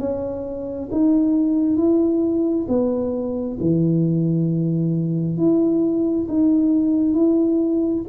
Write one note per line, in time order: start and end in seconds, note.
0.00 0.90 C#4
0.92 1.77 D#4
1.77 2.67 E4
2.69 3.58 B3
3.61 5.38 E3
5.38 6.28 E4
6.28 7.14 D#4
7.14 8.04 E4